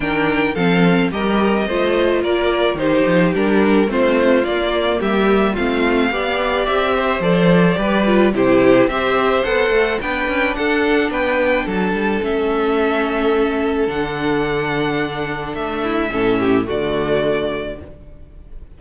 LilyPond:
<<
  \new Staff \with { instrumentName = "violin" } { \time 4/4 \tempo 4 = 108 g''4 f''4 dis''2 | d''4 c''4 ais'4 c''4 | d''4 e''4 f''2 | e''4 d''2 c''4 |
e''4 fis''4 g''4 fis''4 | g''4 a''4 e''2~ | e''4 fis''2. | e''2 d''2 | }
  \new Staff \with { instrumentName = "violin" } { \time 4/4 ais'4 a'4 ais'4 c''4 | ais'4 g'2 f'4~ | f'4 g'4 f'4 d''4~ | d''8 c''4. b'4 g'4 |
c''2 b'4 a'4 | b'4 a'2.~ | a'1~ | a'8 e'8 a'8 g'8 fis'2 | }
  \new Staff \with { instrumentName = "viola" } { \time 4/4 d'4 c'4 g'4 f'4~ | f'4 dis'4 d'4 c'4 | ais2 c'4 g'4~ | g'4 a'4 g'8 f'8 e'4 |
g'4 a'4 d'2~ | d'2 cis'2~ | cis'4 d'2.~ | d'4 cis'4 a2 | }
  \new Staff \with { instrumentName = "cello" } { \time 4/4 dis4 f4 g4 a4 | ais4 dis8 f8 g4 a4 | ais4 g4 a4 b4 | c'4 f4 g4 c4 |
c'4 b8 a8 b8 cis'8 d'4 | b4 fis8 g8 a2~ | a4 d2. | a4 a,4 d2 | }
>>